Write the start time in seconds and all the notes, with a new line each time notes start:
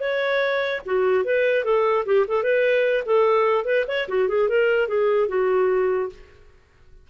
0.00 C#5
0.86 F#4
1.25 B4
1.64 A4
2.06 G4
2.28 A4
2.43 B4
3.06 A4
3.65 B4
3.88 C#5
4.08 F#4
4.28 G#4
4.49 A#4
4.88 G#4
5.29 F#4